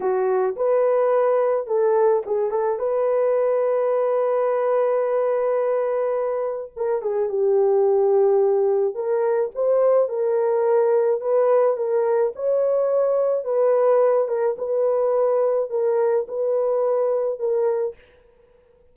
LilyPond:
\new Staff \with { instrumentName = "horn" } { \time 4/4 \tempo 4 = 107 fis'4 b'2 a'4 | gis'8 a'8 b'2.~ | b'1 | ais'8 gis'8 g'2. |
ais'4 c''4 ais'2 | b'4 ais'4 cis''2 | b'4. ais'8 b'2 | ais'4 b'2 ais'4 | }